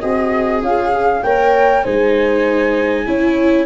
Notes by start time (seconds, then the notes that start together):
0.00 C4 F#4 G#4 D#5
0.62 C#4 F4 F5
0.92 G#4
1.23 A#3 A#4 C#5 G5
1.83 G#3 D#4 C5 G#5
3.06 C#4 E4 C#5